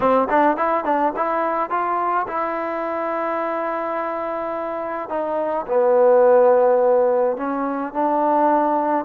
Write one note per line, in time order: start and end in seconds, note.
0.00 0.28 C4
0.29 0.57 D4
0.57 0.84 E4
0.84 1.12 D4
1.16 1.70 E4
1.70 2.26 F4
2.27 5.09 E4
5.09 5.66 D#4
5.67 7.37 B3
7.37 7.93 C#4
7.93 9.05 D4